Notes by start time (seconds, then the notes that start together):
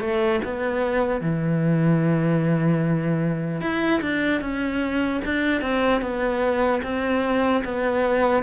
0.00 A3
0.44 B3
1.21 E3
3.61 E4
4.01 D4
4.41 C#4
5.25 D4
5.61 C4
6.01 B3
6.83 C4
7.64 B3